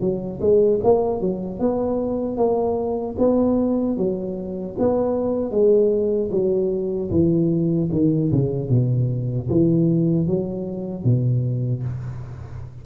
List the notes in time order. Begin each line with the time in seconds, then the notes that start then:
0.00 F#3
0.41 G#3
0.83 A#3
1.21 F#3
1.59 B3
2.37 A#3
3.18 B3
3.97 F#3
4.79 B3
5.51 G#3
6.31 F#3
7.11 E3
7.92 D#3
8.31 C#3
8.69 B2
9.49 E3
10.27 F#3
11.04 B2